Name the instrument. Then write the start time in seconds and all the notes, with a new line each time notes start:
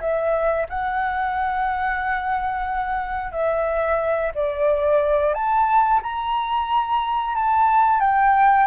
flute
0.00 E5
0.69 F#5
3.32 E5
4.35 D5
5.34 A5
6.02 A#5
7.35 A5
8.00 G5